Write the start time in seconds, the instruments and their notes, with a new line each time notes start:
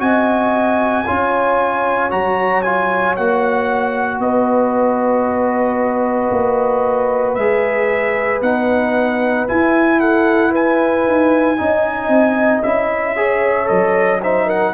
0.00 tuba C4, trombone F#4, horn D#5, trumpet G#5
1.07 tuba C#4, trombone F4, horn C#5
2.10 tuba F#3, trombone F#4, trumpet A#5
2.62 trombone F4, trumpet G#5
3.16 tuba A#3, trombone F#4, trumpet F#5
4.19 tuba B3, horn B4, trumpet D#5
6.32 tuba A#3
7.35 tuba G#3, trombone G#4, trumpet E5
8.41 tuba B3, trombone D#4, trumpet F#5
9.48 trombone E4, tuba E4, trumpet G#5
10.00 horn A4, trumpet F#5
10.51 horn B4, trumpet G#5
11.07 tuba D#4
11.58 tuba C#4, trombone D#4, horn D#5
12.08 tuba C4
12.63 tuba C#4, trombone E4, trumpet E5
13.17 trombone G#4, horn C#5
13.66 tuba F#3, trombone A4, trumpet D#5
14.23 trombone D#4, horn C5, trumpet E5
14.46 horn A#4, trumpet F#5